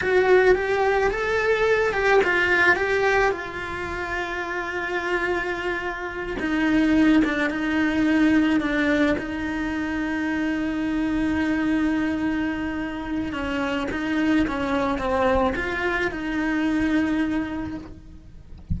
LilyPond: \new Staff \with { instrumentName = "cello" } { \time 4/4 \tempo 4 = 108 fis'4 g'4 a'4. g'8 | f'4 g'4 f'2~ | f'2.~ f'8 dis'8~ | dis'4 d'8 dis'2 d'8~ |
d'8 dis'2.~ dis'8~ | dis'1 | cis'4 dis'4 cis'4 c'4 | f'4 dis'2. | }